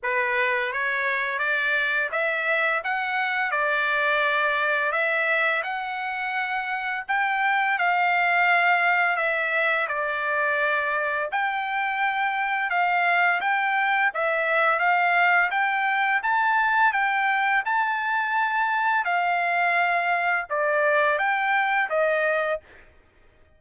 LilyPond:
\new Staff \with { instrumentName = "trumpet" } { \time 4/4 \tempo 4 = 85 b'4 cis''4 d''4 e''4 | fis''4 d''2 e''4 | fis''2 g''4 f''4~ | f''4 e''4 d''2 |
g''2 f''4 g''4 | e''4 f''4 g''4 a''4 | g''4 a''2 f''4~ | f''4 d''4 g''4 dis''4 | }